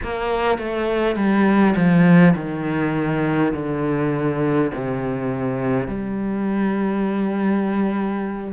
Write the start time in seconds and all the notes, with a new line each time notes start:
0.03 A#3
0.58 A3
1.16 G3
1.76 F3
2.35 D#3
3.53 D3
4.74 C3
5.87 G3